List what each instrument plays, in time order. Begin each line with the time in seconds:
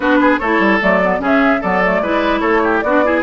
0.00 bassoon B3, clarinet D4, oboe F#4, flute B4
0.20 oboe G#4
0.38 bassoon A3, clarinet E4, oboe A4, flute C#5
0.59 bassoon G3
0.81 bassoon F#3, clarinet A3, flute D5
1.03 clarinet B3
1.19 bassoon C#3, clarinet C#4, oboe G#4, flute E5
1.61 bassoon F#3, clarinet B3, oboe A4, flute D5
1.84 clarinet A3
2.01 bassoon G#3, clarinet E4, oboe B4
2.40 bassoon A3, oboe A4, flute C#5
2.63 oboe G4
2.81 bassoon B3, clarinet D4, oboe F#4, flute D5
3.04 clarinet E4, oboe G#4